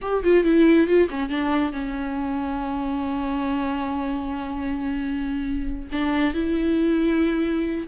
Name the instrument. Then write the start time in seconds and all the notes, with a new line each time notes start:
viola
0.01 G4
0.23 F4
0.44 E4
0.87 F4
1.09 C#4
1.29 D4
1.72 C#4
5.91 D4
6.34 E4